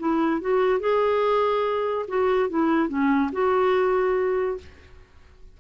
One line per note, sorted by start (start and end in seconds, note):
0.00 0.42 E4
0.42 0.80 F#4
0.80 2.06 G#4
2.08 2.50 F#4
2.50 2.89 E4
2.89 3.31 C#4
3.33 4.58 F#4